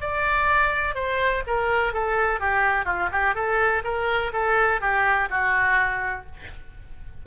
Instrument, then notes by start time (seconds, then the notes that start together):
oboe
0.00 D5
0.94 C5
1.47 A#4
1.93 A4
2.40 G4
2.85 F4
3.11 G4
3.34 A4
3.84 A#4
4.32 A4
4.80 G4
5.30 F#4